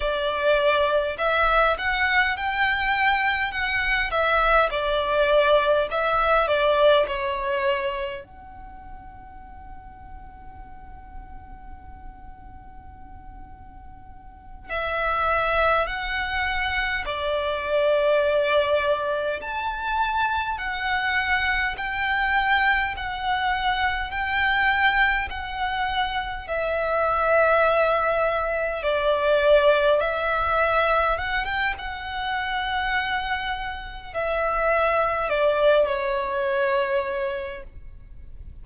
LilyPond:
\new Staff \with { instrumentName = "violin" } { \time 4/4 \tempo 4 = 51 d''4 e''8 fis''8 g''4 fis''8 e''8 | d''4 e''8 d''8 cis''4 fis''4~ | fis''1~ | fis''8 e''4 fis''4 d''4.~ |
d''8 a''4 fis''4 g''4 fis''8~ | fis''8 g''4 fis''4 e''4.~ | e''8 d''4 e''4 fis''16 g''16 fis''4~ | fis''4 e''4 d''8 cis''4. | }